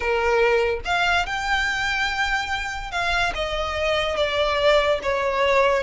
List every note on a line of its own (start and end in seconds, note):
0.00 0.80 A#4
0.84 1.26 F5
1.26 2.91 G5
2.91 3.32 F5
3.34 4.16 D#5
4.16 4.99 D5
5.02 5.83 C#5